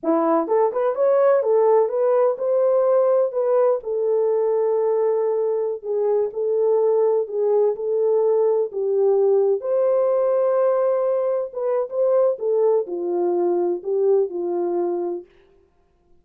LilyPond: \new Staff \with { instrumentName = "horn" } { \time 4/4 \tempo 4 = 126 e'4 a'8 b'8 cis''4 a'4 | b'4 c''2 b'4 | a'1~ | a'16 gis'4 a'2 gis'8.~ |
gis'16 a'2 g'4.~ g'16~ | g'16 c''2.~ c''8.~ | c''16 b'8. c''4 a'4 f'4~ | f'4 g'4 f'2 | }